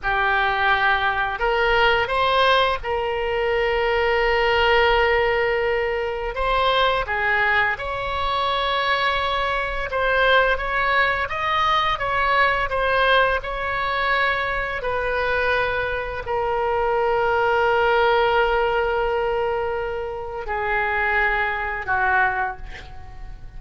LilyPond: \new Staff \with { instrumentName = "oboe" } { \time 4/4 \tempo 4 = 85 g'2 ais'4 c''4 | ais'1~ | ais'4 c''4 gis'4 cis''4~ | cis''2 c''4 cis''4 |
dis''4 cis''4 c''4 cis''4~ | cis''4 b'2 ais'4~ | ais'1~ | ais'4 gis'2 fis'4 | }